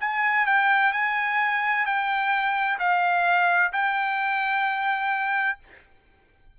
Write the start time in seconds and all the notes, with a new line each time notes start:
0.00 G#5
0.46 G5
0.92 G#5
1.85 G5
2.79 F5
3.72 G5